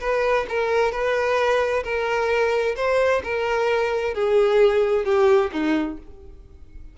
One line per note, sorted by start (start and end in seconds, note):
0.00 0.46 B4
0.49 0.92 A#4
0.92 1.83 B4
1.83 2.75 A#4
2.76 3.22 C5
3.23 4.14 A#4
4.14 5.05 G#4
5.05 5.50 G4
5.52 5.98 D#4